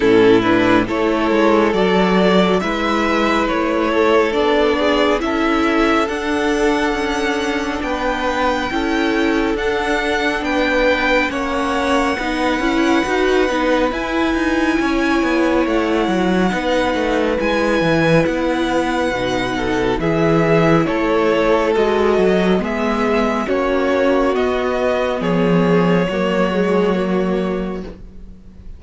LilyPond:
<<
  \new Staff \with { instrumentName = "violin" } { \time 4/4 \tempo 4 = 69 a'8 b'8 cis''4 d''4 e''4 | cis''4 d''4 e''4 fis''4~ | fis''4 g''2 fis''4 | g''4 fis''2. |
gis''2 fis''2 | gis''4 fis''2 e''4 | cis''4 dis''4 e''4 cis''4 | dis''4 cis''2. | }
  \new Staff \with { instrumentName = "violin" } { \time 4/4 e'4 a'2 b'4~ | b'8 a'4 gis'8 a'2~ | a'4 b'4 a'2 | b'4 cis''4 b'2~ |
b'4 cis''2 b'4~ | b'2~ b'8 a'8 gis'4 | a'2 gis'4 fis'4~ | fis'4 gis'4 fis'2 | }
  \new Staff \with { instrumentName = "viola" } { \time 4/4 cis'8 d'8 e'4 fis'4 e'4~ | e'4 d'4 e'4 d'4~ | d'2 e'4 d'4~ | d'4 cis'4 dis'8 e'8 fis'8 dis'8 |
e'2. dis'4 | e'2 dis'4 e'4~ | e'4 fis'4 b4 cis'4 | b2 ais8 gis8 ais4 | }
  \new Staff \with { instrumentName = "cello" } { \time 4/4 a,4 a8 gis8 fis4 gis4 | a4 b4 cis'4 d'4 | cis'4 b4 cis'4 d'4 | b4 ais4 b8 cis'8 dis'8 b8 |
e'8 dis'8 cis'8 b8 a8 fis8 b8 a8 | gis8 e8 b4 b,4 e4 | a4 gis8 fis8 gis4 ais4 | b4 f4 fis2 | }
>>